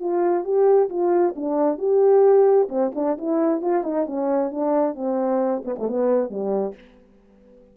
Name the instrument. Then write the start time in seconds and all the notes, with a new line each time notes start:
horn
0.00 F4
0.44 G4
0.90 F4
1.36 D4
1.78 G4
2.69 C4
2.95 D4
3.18 E4
3.62 F4
3.84 D#4
4.07 C#4
4.52 D4
4.95 C4
5.65 B3
5.79 A3
5.89 B3
6.30 G3